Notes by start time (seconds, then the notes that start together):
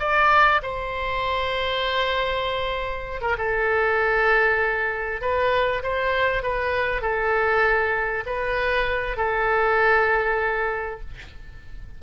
0.00 D5
0.63 C5
3.21 A#4
3.38 A4
5.21 B4
5.83 C5
6.43 B4
7.02 A4
8.26 B4
9.17 A4